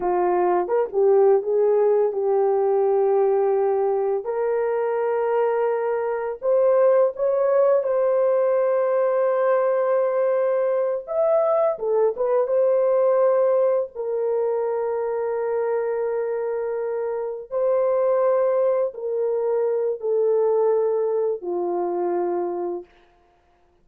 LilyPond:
\new Staff \with { instrumentName = "horn" } { \time 4/4 \tempo 4 = 84 f'4 ais'16 g'8. gis'4 g'4~ | g'2 ais'2~ | ais'4 c''4 cis''4 c''4~ | c''2.~ c''8 e''8~ |
e''8 a'8 b'8 c''2 ais'8~ | ais'1~ | ais'8 c''2 ais'4. | a'2 f'2 | }